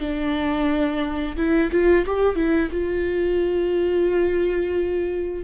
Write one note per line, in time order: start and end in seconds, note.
0.00 1.36 D4
1.37 1.71 E4
1.71 2.05 F4
2.06 2.35 G4
2.35 2.69 E4
2.71 5.44 F4